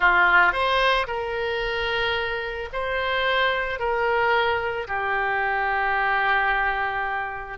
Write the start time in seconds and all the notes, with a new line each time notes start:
0.00 F4
0.52 C5
1.07 A#4
2.72 C5
3.79 A#4
4.87 G4